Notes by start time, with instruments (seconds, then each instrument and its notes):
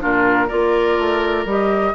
0.00 bassoon A#2, clarinet D4, oboe F4, flute A#4
0.47 bassoon A#3, clarinet F4, oboe A#4, flute D5
0.98 bassoon A3
1.45 bassoon G3, clarinet G4, flute D#5